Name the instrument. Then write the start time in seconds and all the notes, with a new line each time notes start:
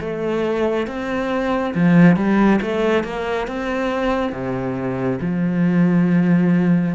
cello
0.00 A3
0.87 C4
1.75 F3
2.16 G3
2.61 A3
3.04 A#3
3.47 C4
4.32 C3
5.21 F3